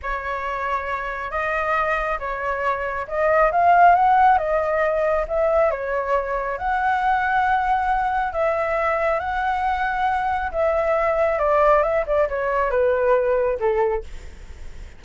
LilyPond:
\new Staff \with { instrumentName = "flute" } { \time 4/4 \tempo 4 = 137 cis''2. dis''4~ | dis''4 cis''2 dis''4 | f''4 fis''4 dis''2 | e''4 cis''2 fis''4~ |
fis''2. e''4~ | e''4 fis''2. | e''2 d''4 e''8 d''8 | cis''4 b'2 a'4 | }